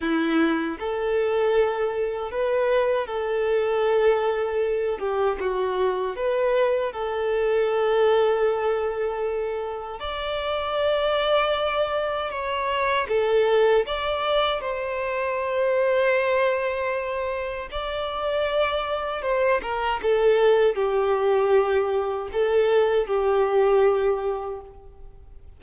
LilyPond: \new Staff \with { instrumentName = "violin" } { \time 4/4 \tempo 4 = 78 e'4 a'2 b'4 | a'2~ a'8 g'8 fis'4 | b'4 a'2.~ | a'4 d''2. |
cis''4 a'4 d''4 c''4~ | c''2. d''4~ | d''4 c''8 ais'8 a'4 g'4~ | g'4 a'4 g'2 | }